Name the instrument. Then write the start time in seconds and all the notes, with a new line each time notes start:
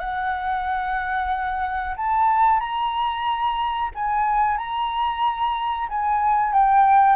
flute
0.00 F#5
1.97 A5
2.61 A#5
3.95 G#5
4.58 A#5
5.89 G#5
6.53 G5